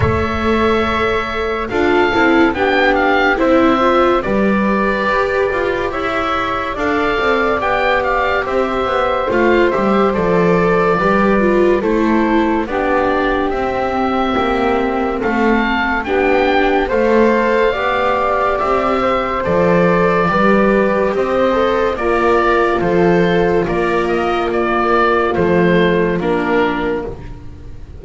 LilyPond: <<
  \new Staff \with { instrumentName = "oboe" } { \time 4/4 \tempo 4 = 71 e''2 f''4 g''8 f''8 | e''4 d''2 e''4 | f''4 g''8 f''8 e''4 f''8 e''8 | d''2 c''4 d''4 |
e''2 f''4 g''4 | f''2 e''4 d''4~ | d''4 dis''4 d''4 c''4 | d''8 dis''8 d''4 c''4 ais'4 | }
  \new Staff \with { instrumentName = "flute" } { \time 4/4 cis''2 a'4 g'4 | c''4 b'2 cis''4 | d''2 c''2~ | c''4 b'4 a'4 g'4~ |
g'2 a'4 g'4 | c''4 d''4. c''4. | b'4 c''4 f'2~ | f'1 | }
  \new Staff \with { instrumentName = "viola" } { \time 4/4 a'2 f'8 e'8 d'4 | e'8 f'8 g'2. | a'4 g'2 f'8 g'8 | a'4 g'8 f'8 e'4 d'4 |
c'2. d'4 | a'4 g'2 a'4 | g'4. a'8 ais'4 a'4 | ais'4 ais4 a4 d'4 | }
  \new Staff \with { instrumentName = "double bass" } { \time 4/4 a2 d'8 c'8 b4 | c'4 g4 g'8 f'8 e'4 | d'8 c'8 b4 c'8 b8 a8 g8 | f4 g4 a4 b4 |
c'4 ais4 a4 b4 | a4 b4 c'4 f4 | g4 c'4 ais4 f4 | ais2 f4 ais4 | }
>>